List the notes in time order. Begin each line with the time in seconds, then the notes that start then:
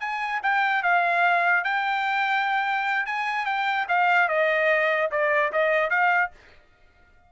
0.00 G#5
0.43 G5
0.83 F5
1.64 G5
3.06 G#5
3.46 G5
3.88 F5
4.29 D#5
5.11 D5
5.53 D#5
5.90 F5